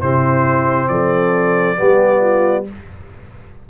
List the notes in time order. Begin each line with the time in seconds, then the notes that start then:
0.00 C3 C4 E4 C5
0.89 F3 A4 D5
1.76 G3 B3 G4
2.21 F4